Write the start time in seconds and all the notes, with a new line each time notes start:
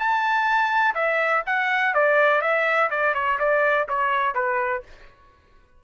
0.00 A5
0.95 E5
1.47 F#5
1.95 D5
2.42 E5
2.91 D5
3.15 C#5
3.40 D5
3.89 C#5
4.35 B4